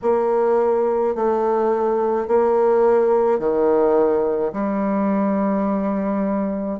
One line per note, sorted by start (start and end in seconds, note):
0.02 1.15 A#3
1.15 2.27 A3
2.27 3.39 A#3
3.39 4.52 D#3
4.53 6.79 G3